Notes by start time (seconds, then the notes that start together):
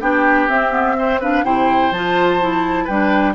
0.00 B3 D4 G4 G5
0.48 C4 E5
0.72 B3
0.98 C4 C5
1.21 D4 B4 F5
1.44 C3 E4 C5 G5
1.91 F3 F4 A5
2.41 E4
2.85 G3 D4 B4 G5